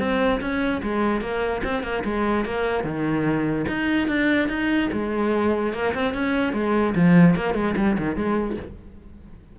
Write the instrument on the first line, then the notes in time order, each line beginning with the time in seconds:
cello
0.00 C4
0.41 C#4
0.83 G#3
1.22 A#3
1.65 C4
1.83 A#3
2.05 G#3
2.46 A#3
2.85 D#3
3.68 D#4
4.08 D4
4.49 D#4
4.93 G#3
5.74 A#3
5.95 C4
6.14 C#4
6.54 G#3
6.95 F3
7.36 A#3
7.55 G#3
7.77 G3
7.99 D#3
8.16 G#3